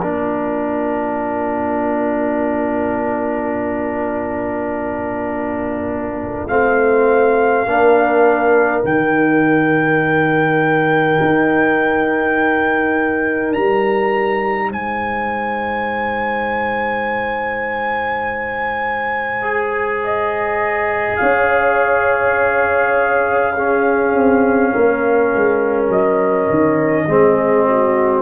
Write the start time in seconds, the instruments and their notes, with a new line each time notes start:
0.00 tuba A#3, trombone D4, horn F4, trumpet A#4
6.47 tuba A3, trombone C4, trumpet F5
7.65 tuba A#3, trombone D4, horn A#4
8.83 tuba D#3, trombone D#4, trumpet G5
11.20 tuba D#4
13.53 tuba G3, trumpet A#5
14.68 tuba G#3, horn C5, trumpet G#5
19.42 trombone G#4
20.04 trumpet D#5
21.16 tuba C#4, horn C#5, trumpet F5
23.54 trombone C#4, horn G#4
24.14 tuba C4
24.72 tuba A#3, horn A#4
25.35 tuba G#3
25.88 tuba F#3, trumpet D#5
26.49 tuba D#3
27.07 tuba G#3, trombone C4, horn G#4
27.68 horn F#4